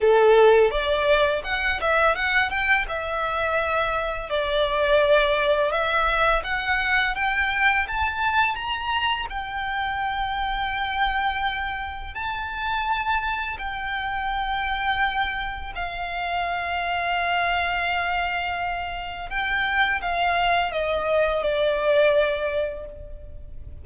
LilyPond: \new Staff \with { instrumentName = "violin" } { \time 4/4 \tempo 4 = 84 a'4 d''4 fis''8 e''8 fis''8 g''8 | e''2 d''2 | e''4 fis''4 g''4 a''4 | ais''4 g''2.~ |
g''4 a''2 g''4~ | g''2 f''2~ | f''2. g''4 | f''4 dis''4 d''2 | }